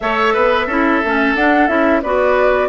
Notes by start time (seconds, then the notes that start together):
0.00 A3 A4 C#5 E5
0.33 B3 B4
0.66 C#4 E4 A4
1.04 A3 C#4
1.35 D4 F#5
1.67 C#4 E4 E5
2.02 B3 F#4 B4 D5